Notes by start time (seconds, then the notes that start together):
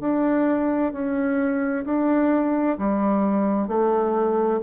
0.00 D4
0.92 C#4
1.85 D4
2.78 G3
3.68 A3